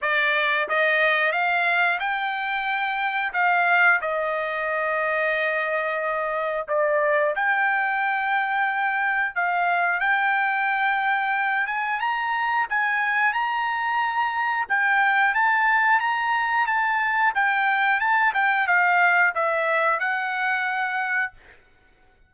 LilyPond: \new Staff \with { instrumentName = "trumpet" } { \time 4/4 \tempo 4 = 90 d''4 dis''4 f''4 g''4~ | g''4 f''4 dis''2~ | dis''2 d''4 g''4~ | g''2 f''4 g''4~ |
g''4. gis''8 ais''4 gis''4 | ais''2 g''4 a''4 | ais''4 a''4 g''4 a''8 g''8 | f''4 e''4 fis''2 | }